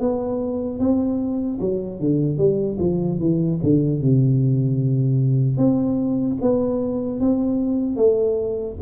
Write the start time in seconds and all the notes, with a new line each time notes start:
0.00 B3
0.80 C4
1.61 F#3
2.00 D3
2.38 G3
2.80 F3
3.20 E3
3.63 D3
4.01 C3
5.58 C4
6.41 B3
7.21 C4
7.96 A3